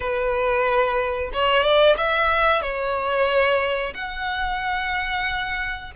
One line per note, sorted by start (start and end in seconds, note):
0.00 1.30 B4
1.33 1.63 C#5
1.63 1.96 D5
1.97 2.61 E5
2.61 3.93 C#5
3.94 5.91 F#5